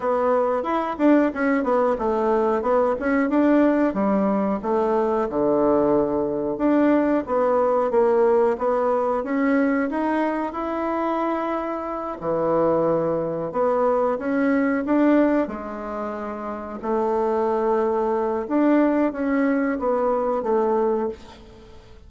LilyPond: \new Staff \with { instrumentName = "bassoon" } { \time 4/4 \tempo 4 = 91 b4 e'8 d'8 cis'8 b8 a4 | b8 cis'8 d'4 g4 a4 | d2 d'4 b4 | ais4 b4 cis'4 dis'4 |
e'2~ e'8 e4.~ | e8 b4 cis'4 d'4 gis8~ | gis4. a2~ a8 | d'4 cis'4 b4 a4 | }